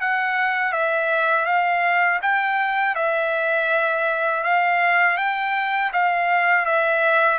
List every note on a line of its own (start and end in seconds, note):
0.00 0.72 F#5
0.72 1.45 E5
1.45 2.20 F5
2.22 2.95 G5
2.95 4.43 E5
4.43 5.17 F5
5.17 5.91 G5
5.93 6.66 F5
6.66 7.38 E5